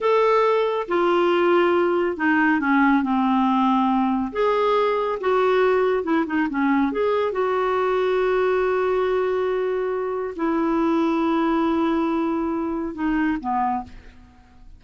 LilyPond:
\new Staff \with { instrumentName = "clarinet" } { \time 4/4 \tempo 4 = 139 a'2 f'2~ | f'4 dis'4 cis'4 c'4~ | c'2 gis'2 | fis'2 e'8 dis'8 cis'4 |
gis'4 fis'2.~ | fis'1 | e'1~ | e'2 dis'4 b4 | }